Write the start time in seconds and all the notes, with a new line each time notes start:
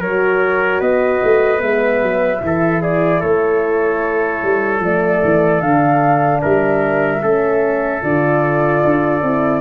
0.00 F#3 F#4 A#4 C#5
0.80 B3 B4 D#5
1.23 A3
1.58 G#3 B3 E5
2.01 F#3
2.40 E3 E4 A4
2.81 G#4 D5
3.20 A3 A4 C#5
4.43 G3
4.79 F3 A3 D5
5.24 E3
5.61 D3 D4 F5
6.41 G3 A#4 E5
7.22 A3 C#4 A4
8.02 D3 F4 D5
8.84 D4
9.22 C4 E4